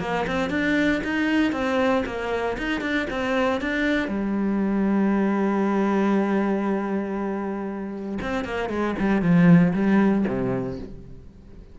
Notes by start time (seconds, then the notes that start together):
0.00 A#3
0.27 C4
0.50 D4
1.04 D#4
1.52 C4
2.06 A#3
2.58 D#4
2.81 D4
3.10 C4
3.61 D4
4.08 G3
8.22 C4
8.45 A#3
8.69 G#3
8.99 G3
9.22 F3
9.74 G3
10.27 C3